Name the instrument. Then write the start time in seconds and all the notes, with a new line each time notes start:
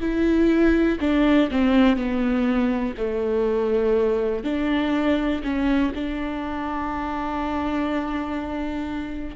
viola
0.00 E4
1.00 D4
1.51 C4
1.96 B3
2.97 A3
4.44 D4
5.43 C#4
5.94 D4